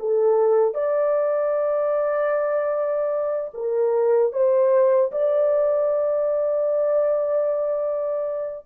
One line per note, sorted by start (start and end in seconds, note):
0.00 0.75 A4
0.75 3.51 D5
3.54 4.33 A#4
4.33 5.12 C5
5.12 8.67 D5